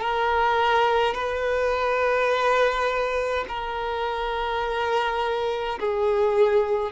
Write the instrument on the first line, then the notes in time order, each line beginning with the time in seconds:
violin
0.00 A#4
1.14 B4
3.48 A#4
5.79 G#4